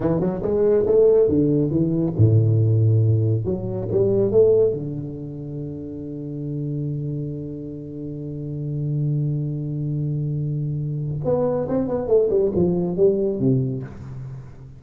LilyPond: \new Staff \with { instrumentName = "tuba" } { \time 4/4 \tempo 4 = 139 e8 fis8 gis4 a4 d4 | e4 a,2. | fis4 g4 a4 d4~ | d1~ |
d1~ | d1~ | d2 b4 c'8 b8 | a8 g8 f4 g4 c4 | }